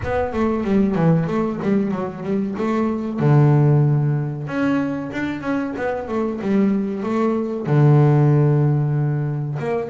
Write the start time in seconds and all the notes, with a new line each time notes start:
0.03 B3
0.32 A3
0.64 G3
0.95 E3
1.27 A3
1.61 G3
1.91 F#3
2.23 G3
2.58 A3
3.19 D3
4.47 C#4
5.12 D4
5.41 C#4
5.76 B3
6.08 A3
6.41 G3
7.03 A3
7.66 D3
9.59 A#3